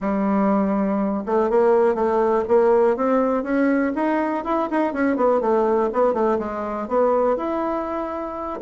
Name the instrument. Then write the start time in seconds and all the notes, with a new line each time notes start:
bassoon
0.00 G3
1.26 A3
1.50 A#3
1.94 A3
2.47 A#3
2.96 C4
3.43 C#4
3.95 D#4
4.44 E4
4.70 D#4
4.93 C#4
5.16 B3
5.41 A3
5.92 B3
6.13 A3
6.38 G#3
6.88 B3
7.37 E4